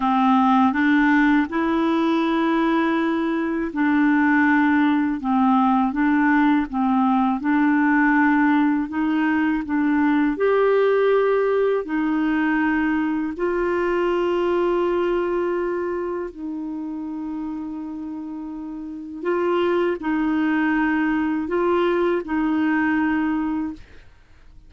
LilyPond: \new Staff \with { instrumentName = "clarinet" } { \time 4/4 \tempo 4 = 81 c'4 d'4 e'2~ | e'4 d'2 c'4 | d'4 c'4 d'2 | dis'4 d'4 g'2 |
dis'2 f'2~ | f'2 dis'2~ | dis'2 f'4 dis'4~ | dis'4 f'4 dis'2 | }